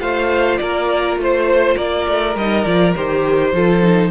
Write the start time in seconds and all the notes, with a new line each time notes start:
0.00 A3 F4 C5 F5
0.57 A#3 A#4 D5
1.17 A3 C5
1.77 A#3 A#4 D5
2.08 A3
2.36 G3 D#4 D#5
2.65 F3 F4 D5
2.95 D#3 G4 C5
3.53 F3 F4 A4
3.82 D#4